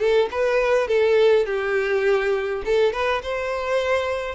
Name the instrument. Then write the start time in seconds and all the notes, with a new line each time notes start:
violin
0.00 A4
0.31 B4
0.88 A4
1.46 G4
2.65 A4
2.93 B4
3.23 C5